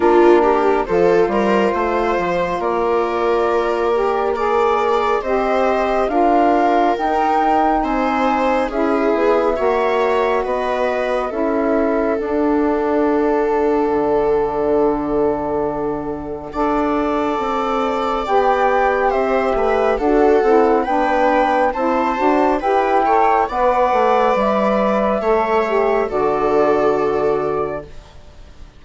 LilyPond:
<<
  \new Staff \with { instrumentName = "flute" } { \time 4/4 \tempo 4 = 69 ais'4 c''2 d''4~ | d''4 ais'4 dis''4 f''4 | g''4 gis''4 e''2 | dis''4 e''4 fis''2~ |
fis''1~ | fis''4 g''4 e''4 fis''4 | g''4 a''4 g''4 fis''4 | e''2 d''2 | }
  \new Staff \with { instrumentName = "viola" } { \time 4/4 f'8 g'8 a'8 ais'8 c''4 ais'4~ | ais'4 d''4 c''4 ais'4~ | ais'4 c''4 gis'4 cis''4 | b'4 a'2.~ |
a'2. d''4~ | d''2 c''8 b'8 a'4 | b'4 c''4 b'8 cis''8 d''4~ | d''4 cis''4 a'2 | }
  \new Staff \with { instrumentName = "saxophone" } { \time 4/4 d'4 f'2.~ | f'8 g'8 gis'4 g'4 f'4 | dis'2 e'4 fis'4~ | fis'4 e'4 d'2~ |
d'2. a'4~ | a'4 g'2 fis'8 e'8 | d'4 e'8 fis'8 g'8 a'8 b'4~ | b'4 a'8 g'8 fis'2 | }
  \new Staff \with { instrumentName = "bassoon" } { \time 4/4 ais4 f8 g8 a8 f8 ais4~ | ais2 c'4 d'4 | dis'4 c'4 cis'8 b8 ais4 | b4 cis'4 d'2 |
d2. d'4 | c'4 b4 c'8 a8 d'8 c'8 | b4 c'8 d'8 e'4 b8 a8 | g4 a4 d2 | }
>>